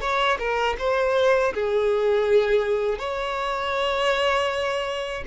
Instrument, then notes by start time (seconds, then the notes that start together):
violin
0.00 C#5
0.39 A#4
0.78 C5
1.54 G#4
2.98 C#5